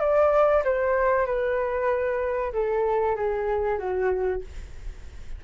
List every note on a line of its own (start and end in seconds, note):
0.00 0.63 D5
0.64 1.26 C5
1.26 2.52 B4
2.53 3.16 A4
3.16 3.79 G#4
3.79 4.42 F#4